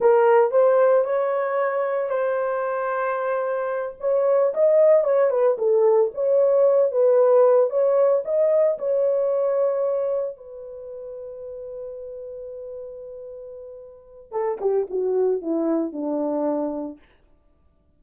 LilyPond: \new Staff \with { instrumentName = "horn" } { \time 4/4 \tempo 4 = 113 ais'4 c''4 cis''2 | c''2.~ c''8 cis''8~ | cis''8 dis''4 cis''8 b'8 a'4 cis''8~ | cis''4 b'4. cis''4 dis''8~ |
dis''8 cis''2. b'8~ | b'1~ | b'2. a'8 g'8 | fis'4 e'4 d'2 | }